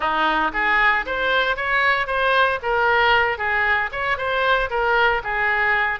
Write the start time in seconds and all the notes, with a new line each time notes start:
0.00 D#4
0.53 G#4
1.06 C5
1.56 C#5
2.07 C5
2.62 A#4
3.37 G#4
3.91 C#5
4.17 C5
4.70 A#4
5.23 G#4